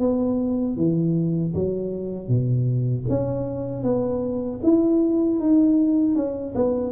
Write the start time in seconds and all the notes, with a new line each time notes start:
0.00 B3
0.77 E3
1.54 F#3
2.28 B2
3.09 C#4
3.84 B3
4.63 E4
5.40 D#4
6.16 C#4
6.55 B3